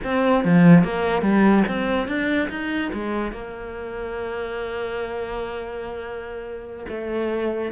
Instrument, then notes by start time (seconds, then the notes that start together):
cello
0.04 C4
0.44 F3
0.83 A#3
1.21 G3
1.68 C4
2.07 D4
2.49 D#4
2.93 G#3
3.31 A#3
6.88 A3